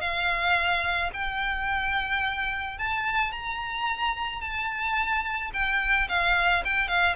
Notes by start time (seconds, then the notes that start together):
0.00 F5
1.13 G5
2.78 A5
3.32 A#5
4.41 A5
5.53 G5
6.08 F5
6.64 G5
6.88 F5